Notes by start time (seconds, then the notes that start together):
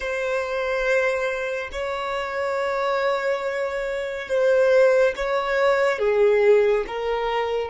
0.00 C5
1.71 C#5
4.28 C5
5.15 C#5
5.98 G#4
6.87 A#4